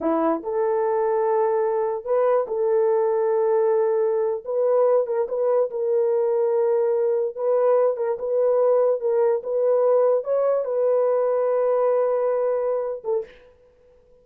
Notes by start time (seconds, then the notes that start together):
0.00 E4
0.43 A4
2.04 B4
2.47 A4
4.45 B4
5.06 A#4
5.28 B4
5.70 A#4
7.35 B4
7.97 A#4
8.19 B4
9.00 A#4
9.43 B4
10.24 C#5
10.65 B4
13.03 A4